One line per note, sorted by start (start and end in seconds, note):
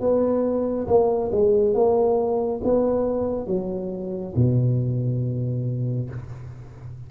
0.00 0.87 B3
0.87 1.31 A#3
1.32 1.74 G#3
1.74 2.61 A#3
2.64 3.47 B3
3.47 4.34 F#3
4.36 6.10 B2